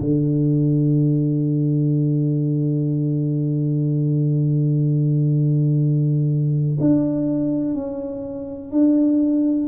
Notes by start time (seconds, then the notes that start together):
0.00 D3
6.80 D4
7.75 C#4
8.71 D4